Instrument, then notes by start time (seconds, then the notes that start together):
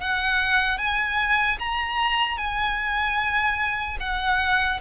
violin
0.00 F#5
0.78 G#5
1.59 A#5
2.37 G#5
4.00 F#5